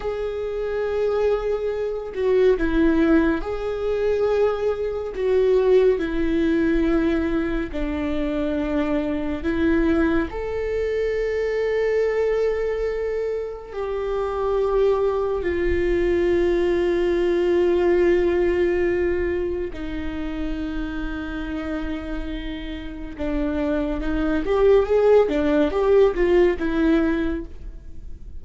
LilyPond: \new Staff \with { instrumentName = "viola" } { \time 4/4 \tempo 4 = 70 gis'2~ gis'8 fis'8 e'4 | gis'2 fis'4 e'4~ | e'4 d'2 e'4 | a'1 |
g'2 f'2~ | f'2. dis'4~ | dis'2. d'4 | dis'8 g'8 gis'8 d'8 g'8 f'8 e'4 | }